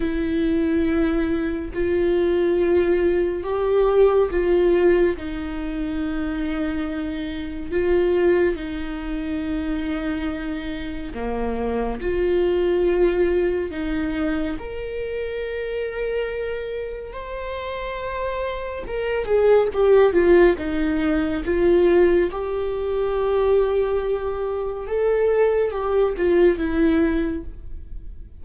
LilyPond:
\new Staff \with { instrumentName = "viola" } { \time 4/4 \tempo 4 = 70 e'2 f'2 | g'4 f'4 dis'2~ | dis'4 f'4 dis'2~ | dis'4 ais4 f'2 |
dis'4 ais'2. | c''2 ais'8 gis'8 g'8 f'8 | dis'4 f'4 g'2~ | g'4 a'4 g'8 f'8 e'4 | }